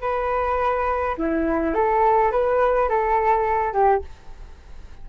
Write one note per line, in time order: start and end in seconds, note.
0.00 1.15 B4
1.17 1.74 E4
1.74 2.31 A4
2.31 2.88 B4
2.88 3.73 A4
3.73 4.01 G4